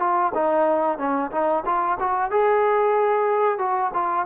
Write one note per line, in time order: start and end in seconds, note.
0.00 0.33 F4
0.35 0.98 D#4
0.98 1.31 C#4
1.32 1.64 D#4
1.66 1.98 F4
2.00 2.31 F#4
2.31 3.59 G#4
3.59 3.92 F#4
3.94 4.26 F4